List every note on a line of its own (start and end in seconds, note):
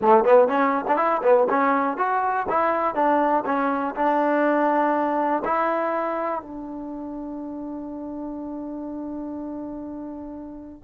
0.01 0.24 A3
0.24 0.47 B3
0.47 0.84 C#4
0.87 0.97 D4
0.97 1.21 E4
1.23 1.47 B3
1.49 1.97 C#4
1.97 2.46 F#4
2.49 2.95 E4
2.95 3.44 D4
3.45 3.95 C#4
3.95 5.42 D4
5.44 6.41 E4
6.41 10.83 D4